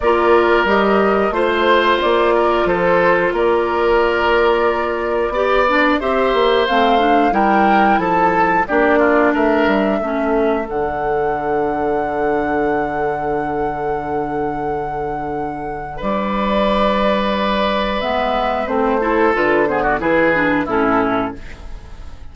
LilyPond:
<<
  \new Staff \with { instrumentName = "flute" } { \time 4/4 \tempo 4 = 90 d''4 dis''4 c''4 d''4 | c''4 d''2.~ | d''4 e''4 f''4 g''4 | a''4 d''4 e''2 |
fis''1~ | fis''1 | d''2. e''4 | c''4 b'8 c''16 d''16 b'4 a'4 | }
  \new Staff \with { instrumentName = "oboe" } { \time 4/4 ais'2 c''4. ais'8 | a'4 ais'2. | d''4 c''2 ais'4 | a'4 g'8 f'8 ais'4 a'4~ |
a'1~ | a'1 | b'1~ | b'8 a'4 gis'16 fis'16 gis'4 e'4 | }
  \new Staff \with { instrumentName = "clarinet" } { \time 4/4 f'4 g'4 f'2~ | f'1 | g'8 d'8 g'4 c'8 d'8 e'4~ | e'4 d'2 cis'4 |
d'1~ | d'1~ | d'2. b4 | c'8 e'8 f'8 b8 e'8 d'8 cis'4 | }
  \new Staff \with { instrumentName = "bassoon" } { \time 4/4 ais4 g4 a4 ais4 | f4 ais2. | b4 c'8 ais8 a4 g4 | f4 ais4 a8 g8 a4 |
d1~ | d1 | g2. gis4 | a4 d4 e4 a,4 | }
>>